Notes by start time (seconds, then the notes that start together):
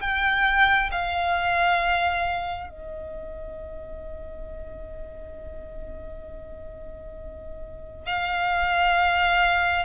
0.00 G5
0.91 F5
2.69 D#5
8.06 F5